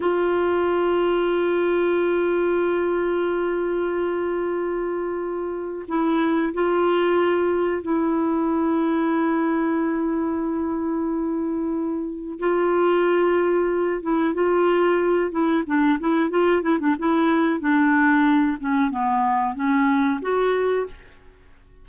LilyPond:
\new Staff \with { instrumentName = "clarinet" } { \time 4/4 \tempo 4 = 92 f'1~ | f'1~ | f'4 e'4 f'2 | e'1~ |
e'2. f'4~ | f'4. e'8 f'4. e'8 | d'8 e'8 f'8 e'16 d'16 e'4 d'4~ | d'8 cis'8 b4 cis'4 fis'4 | }